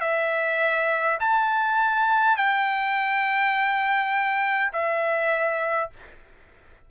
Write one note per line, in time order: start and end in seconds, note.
0.00 1.18 E5
1.20 2.36 A5
2.36 4.72 G5
4.72 5.90 E5